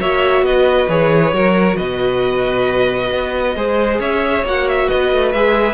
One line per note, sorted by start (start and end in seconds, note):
0.00 0.42 A#3
0.00 0.89 F#4
0.00 0.44 C#5
0.00 0.45 E5
0.42 0.87 B3
0.42 1.35 B4
0.42 0.90 D#5
0.89 1.33 E3
0.89 1.33 G#4
0.89 1.77 C#5
1.33 1.77 F#3
1.33 3.56 F#4
1.33 1.78 A#4
1.77 3.11 B2
1.77 3.55 B4
1.77 3.99 D#5
3.11 3.56 B3
3.56 4.00 G#3
3.56 4.45 G#4
3.56 4.01 C5
4.00 4.44 C#4
4.00 4.87 C#5
4.00 4.46 E5
4.44 4.89 A#3
4.44 5.35 F#4
4.44 4.69 F#5
4.69 4.89 E5
4.87 5.12 B3
4.87 5.75 B4
4.87 5.32 D#5
5.12 5.34 A3
5.32 5.75 G#3
5.32 5.75 G#4
5.32 5.75 E5